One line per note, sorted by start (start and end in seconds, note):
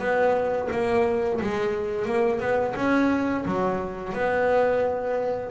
0.00 0.69 B3
0.72 1.41 A#3
1.41 2.06 G#3
2.06 2.40 A#3
2.40 2.75 B3
2.76 3.45 C#4
3.46 4.13 F#3
4.13 5.51 B3